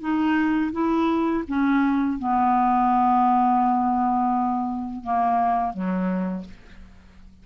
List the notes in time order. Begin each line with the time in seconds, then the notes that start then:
0.00 D#4
0.72 E4
1.48 C#4
2.19 B3
5.03 A#3
5.73 F#3